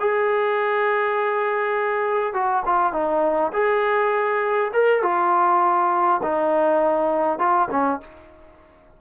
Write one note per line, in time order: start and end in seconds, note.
0.00 2.34 G#4
2.34 2.64 F#4
2.66 2.93 F4
2.93 3.52 D#4
3.53 4.72 G#4
4.73 5.03 A#4
5.03 6.21 F4
6.23 7.39 D#4
7.39 7.68 F4
7.71 8.01 C#4